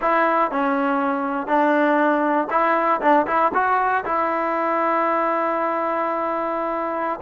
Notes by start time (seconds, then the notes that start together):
0.01 E4
0.51 C#4
1.47 D4
2.50 E4
3.01 D4
3.26 E4
3.54 F#4
4.05 E4